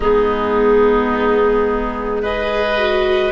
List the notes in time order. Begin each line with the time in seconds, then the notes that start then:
0.00 G#3 B3 D#4 G#4
2.22 G#4 B4 D#5
2.78 F#4